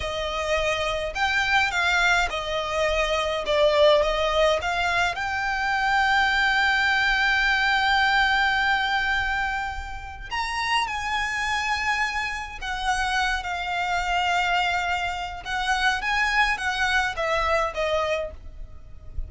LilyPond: \new Staff \with { instrumentName = "violin" } { \time 4/4 \tempo 4 = 105 dis''2 g''4 f''4 | dis''2 d''4 dis''4 | f''4 g''2.~ | g''1~ |
g''2 ais''4 gis''4~ | gis''2 fis''4. f''8~ | f''2. fis''4 | gis''4 fis''4 e''4 dis''4 | }